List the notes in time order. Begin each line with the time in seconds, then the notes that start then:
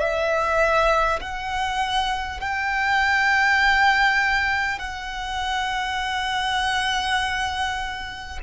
0.00 E5
1.21 F#5
2.41 G5
4.79 F#5